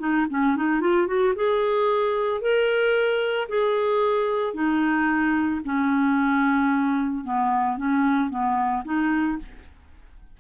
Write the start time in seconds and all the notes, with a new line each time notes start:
0.00 D#4
0.30 C#4
0.57 D#4
0.81 F4
1.08 F#4
1.36 G#4
2.42 A#4
3.49 G#4
4.54 D#4
5.65 C#4
7.25 B3
7.78 C#4
8.30 B3
8.85 D#4